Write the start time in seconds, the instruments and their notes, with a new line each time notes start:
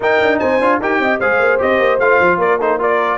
0.00 tuba D#4, trombone D#4, horn A#4, trumpet G5
0.21 tuba D4
0.39 tuba C4, horn C5, trumpet G#5
0.59 tuba D4, trombone F4
0.80 tuba D#4, trombone G4, horn A#4, trumpet G5
0.99 tuba C4, horn D#5
1.20 tuba G#3, trombone G#4, horn C5, trumpet F5
1.39 tuba A#3
1.58 tuba C4, trombone G4, trumpet D#5
1.79 tuba A#3
1.99 tuba A3, trombone F4, trumpet F5
2.20 tuba F3
2.38 tuba A#3, horn A#4, trumpet D5
2.58 trombone D#4, horn A4, trumpet C5
2.79 trombone F4, horn A#4, trumpet D5